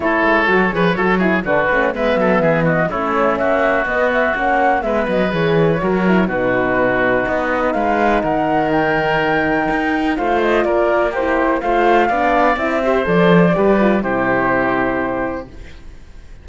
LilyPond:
<<
  \new Staff \with { instrumentName = "flute" } { \time 4/4 \tempo 4 = 124 cis''2. b'4 | e''4. dis''8 cis''4 e''4 | dis''8 e''8 fis''4 e''8 dis''8 cis''4~ | cis''4 b'2 dis''4 |
f''4 fis''4 g''2~ | g''4 f''8 dis''8 d''4 c''4 | f''2 e''4 d''4~ | d''4 c''2. | }
  \new Staff \with { instrumentName = "oboe" } { \time 4/4 a'4. b'8 a'8 gis'8 fis'4 | b'8 a'8 gis'8 fis'8 e'4 fis'4~ | fis'2 b'2 | ais'4 fis'2. |
b'4 ais'2.~ | ais'4 c''4 ais'4 g'4 | c''4 d''4. c''4. | b'4 g'2. | }
  \new Staff \with { instrumentName = "horn" } { \time 4/4 e'4 fis'8 gis'8 fis'8 e'8 d'8 cis'8 | b2 cis'2 | b4 cis'4 b4 gis'4 | fis'8 e'8 dis'2.~ |
dis'1~ | dis'4 f'2 e'4 | f'4 d'4 e'8 g'8 a'4 | g'8 f'8 e'2. | }
  \new Staff \with { instrumentName = "cello" } { \time 4/4 a8 gis8 fis8 f8 fis4 d8 a8 | gis8 fis8 e4 a4 ais4 | b4 ais4 gis8 fis8 e4 | fis4 b,2 b4 |
gis4 dis2. | dis'4 a4 ais2 | a4 b4 c'4 f4 | g4 c2. | }
>>